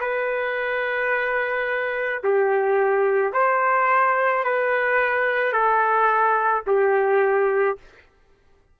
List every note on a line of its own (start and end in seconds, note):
0.00 2.22 B4
2.23 3.33 G4
3.33 4.44 C5
4.44 5.52 B4
5.52 6.63 A4
6.67 7.78 G4